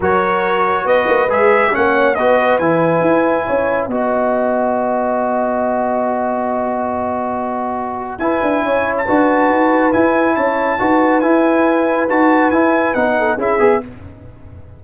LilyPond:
<<
  \new Staff \with { instrumentName = "trumpet" } { \time 4/4 \tempo 4 = 139 cis''2 dis''4 e''4 | fis''4 dis''4 gis''2~ | gis''4 fis''2.~ | fis''1~ |
fis''2. gis''4~ | gis''8. a''2~ a''16 gis''4 | a''2 gis''2 | a''4 gis''4 fis''4 e''4 | }
  \new Staff \with { instrumentName = "horn" } { \time 4/4 ais'2 b'2 | cis''4 b'2. | cis''4 dis''2.~ | dis''1~ |
dis''2. b'4 | cis''4 b'2. | cis''4 b'2.~ | b'2~ b'8 a'8 gis'4 | }
  \new Staff \with { instrumentName = "trombone" } { \time 4/4 fis'2. gis'4 | cis'4 fis'4 e'2~ | e'4 fis'2.~ | fis'1~ |
fis'2. e'4~ | e'4 fis'2 e'4~ | e'4 fis'4 e'2 | fis'4 e'4 dis'4 e'8 gis'8 | }
  \new Staff \with { instrumentName = "tuba" } { \time 4/4 fis2 b8 ais8 gis4 | ais4 b4 e4 e'4 | cis'4 b2.~ | b1~ |
b2. e'8 d'8 | cis'4 d'4 dis'4 e'4 | cis'4 dis'4 e'2 | dis'4 e'4 b4 cis'8 b8 | }
>>